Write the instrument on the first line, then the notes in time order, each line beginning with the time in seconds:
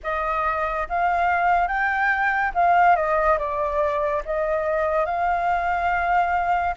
flute
0.03 D#5
0.88 F5
1.67 G5
2.54 F5
2.95 D#5
3.38 D5
4.25 D#5
5.05 F5